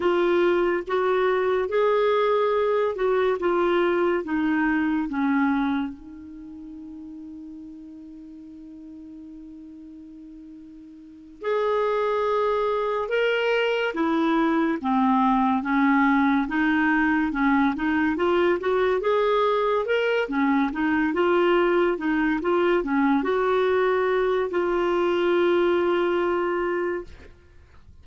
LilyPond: \new Staff \with { instrumentName = "clarinet" } { \time 4/4 \tempo 4 = 71 f'4 fis'4 gis'4. fis'8 | f'4 dis'4 cis'4 dis'4~ | dis'1~ | dis'4. gis'2 ais'8~ |
ais'8 e'4 c'4 cis'4 dis'8~ | dis'8 cis'8 dis'8 f'8 fis'8 gis'4 ais'8 | cis'8 dis'8 f'4 dis'8 f'8 cis'8 fis'8~ | fis'4 f'2. | }